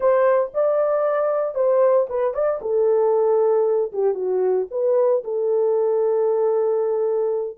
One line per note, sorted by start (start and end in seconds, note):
0.00 0.51 C5
0.54 1.54 D5
1.54 2.06 C5
2.09 2.34 B4
2.34 2.60 D5
2.61 3.92 A4
3.92 4.14 G4
4.14 4.66 F#4
4.71 5.23 B4
5.23 7.57 A4